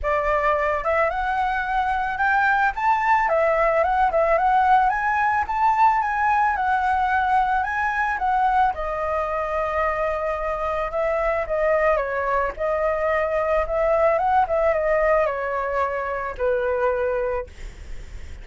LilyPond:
\new Staff \with { instrumentName = "flute" } { \time 4/4 \tempo 4 = 110 d''4. e''8 fis''2 | g''4 a''4 e''4 fis''8 e''8 | fis''4 gis''4 a''4 gis''4 | fis''2 gis''4 fis''4 |
dis''1 | e''4 dis''4 cis''4 dis''4~ | dis''4 e''4 fis''8 e''8 dis''4 | cis''2 b'2 | }